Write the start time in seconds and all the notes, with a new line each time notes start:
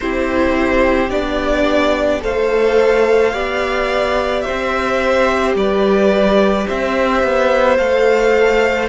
0.00 C4 E4 G4 C5
1.09 B3 D4 D5
2.20 A3 A4 C5 F5
3.33 B3 G4 D5
4.41 C5 E5
4.49 C4
5.55 G3 B4 D5
6.67 C4 C5 E5
7.23 B3
7.77 A3 A4 F5